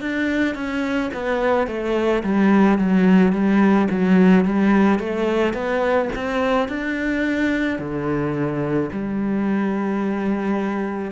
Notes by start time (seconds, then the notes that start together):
0.00 D4
0.55 C#4
1.13 B3
1.67 A3
2.23 G3
2.78 F#3
3.32 G3
3.90 F#3
4.44 G3
4.99 A3
5.53 B3
6.15 C4
6.68 D4
7.78 D3
8.91 G3